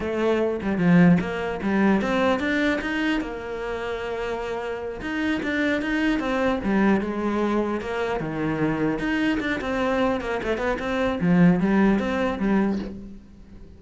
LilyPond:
\new Staff \with { instrumentName = "cello" } { \time 4/4 \tempo 4 = 150 a4. g8 f4 ais4 | g4 c'4 d'4 dis'4 | ais1~ | ais8 dis'4 d'4 dis'4 c'8~ |
c'8 g4 gis2 ais8~ | ais8 dis2 dis'4 d'8 | c'4. ais8 a8 b8 c'4 | f4 g4 c'4 g4 | }